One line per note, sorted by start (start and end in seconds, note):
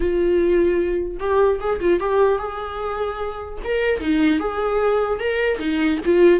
0.00 1.17 F4
1.19 1.59 G4
1.60 1.80 G#4
1.80 1.99 F4
1.99 2.38 G4
2.38 3.58 G#4
3.64 4.00 A#4
4.00 4.39 D#4
4.39 5.19 G#4
5.19 5.59 A#4
5.59 5.99 D#4
6.05 6.40 F4